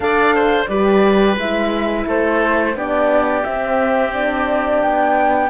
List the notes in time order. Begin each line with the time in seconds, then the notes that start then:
0.00 D4 A4 D5 F5
0.35 C5
0.66 G3 G4 B4 D5
1.36 G#3 E4 E5
2.06 A3 A4 C5
2.75 B3 D4 G4 D5
3.44 C4 E5
4.13 D4 D5
4.82 B3 G5